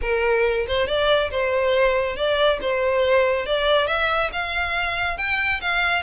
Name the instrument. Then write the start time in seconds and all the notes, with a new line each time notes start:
violin
0.01 A#4
0.67 C5
0.87 D5
1.30 C5
2.16 D5
2.61 C5
3.46 D5
3.87 E5
4.32 F5
5.17 G5
5.61 F5